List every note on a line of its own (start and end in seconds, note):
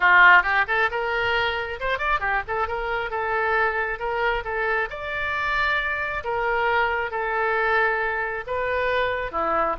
0.00 0.42 F4
0.42 0.65 G4
0.67 0.89 A4
0.90 1.79 A#4
1.80 1.98 C5
1.98 2.20 D5
2.20 2.42 G4
2.47 2.67 A4
2.67 3.10 A#4
3.10 3.99 A4
3.99 4.43 A#4
4.44 4.88 A4
4.90 6.23 D5
6.24 7.11 A#4
7.11 8.44 A4
8.47 9.31 B4
9.31 9.76 E4